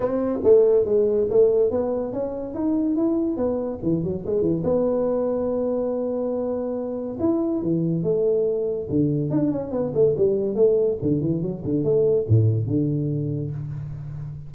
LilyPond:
\new Staff \with { instrumentName = "tuba" } { \time 4/4 \tempo 4 = 142 c'4 a4 gis4 a4 | b4 cis'4 dis'4 e'4 | b4 e8 fis8 gis8 e8 b4~ | b1~ |
b4 e'4 e4 a4~ | a4 d4 d'8 cis'8 b8 a8 | g4 a4 d8 e8 fis8 d8 | a4 a,4 d2 | }